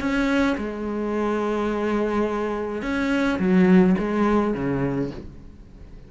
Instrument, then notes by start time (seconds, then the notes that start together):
cello
0.00 C#4
0.58 G#3
2.82 C#4
3.39 F#3
3.99 G#3
4.54 C#3